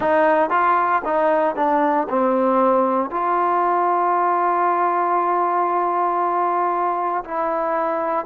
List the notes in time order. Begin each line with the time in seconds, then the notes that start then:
0.00 D#4
0.50 F4
1.04 D#4
1.55 D4
2.09 C4
3.10 F4
7.24 E4